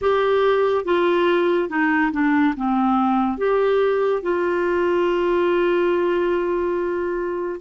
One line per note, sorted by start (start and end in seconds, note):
0.01 0.85 G4
0.85 1.69 F4
1.69 2.11 D#4
2.12 2.54 D4
2.56 3.37 C4
3.37 4.22 G4
4.22 7.60 F4